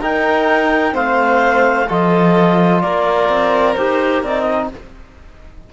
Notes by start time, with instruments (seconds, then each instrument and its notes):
0.00 cello D#4, trombone D#4, violin A#4, clarinet G5
0.92 cello A3, trombone C4, violin C5, clarinet F5
1.88 cello F3, trombone F4, violin A4, clarinet D#5
2.81 cello A#3, violin A#4, clarinet D5
3.29 cello C4
3.75 cello D#4, trombone G4, clarinet C5
4.23 cello C4, trombone D#4, clarinet D5
4.41 clarinet D#5